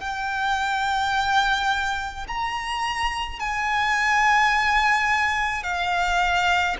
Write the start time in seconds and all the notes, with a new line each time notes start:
0.00 G5
2.27 A#5
3.39 G#5
5.63 F5